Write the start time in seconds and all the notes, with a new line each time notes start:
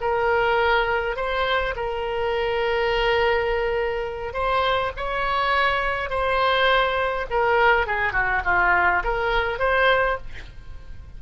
0.00 A#4
1.16 C5
1.75 A#4
4.33 C5
4.96 C#5
6.09 C5
7.30 A#4
7.86 G#4
8.12 F#4
8.44 F4
9.04 A#4
9.59 C5